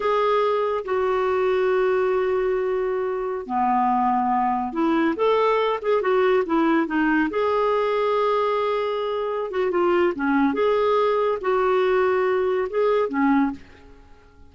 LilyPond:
\new Staff \with { instrumentName = "clarinet" } { \time 4/4 \tempo 4 = 142 gis'2 fis'2~ | fis'1~ | fis'16 b2. e'8.~ | e'16 a'4. gis'8 fis'4 e'8.~ |
e'16 dis'4 gis'2~ gis'8.~ | gis'2~ gis'8 fis'8 f'4 | cis'4 gis'2 fis'4~ | fis'2 gis'4 cis'4 | }